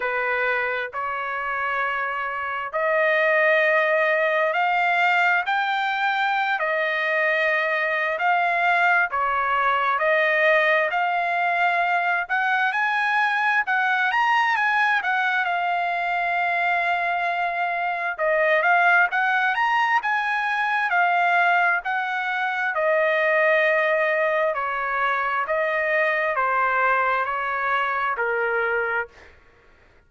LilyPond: \new Staff \with { instrumentName = "trumpet" } { \time 4/4 \tempo 4 = 66 b'4 cis''2 dis''4~ | dis''4 f''4 g''4~ g''16 dis''8.~ | dis''4 f''4 cis''4 dis''4 | f''4. fis''8 gis''4 fis''8 ais''8 |
gis''8 fis''8 f''2. | dis''8 f''8 fis''8 ais''8 gis''4 f''4 | fis''4 dis''2 cis''4 | dis''4 c''4 cis''4 ais'4 | }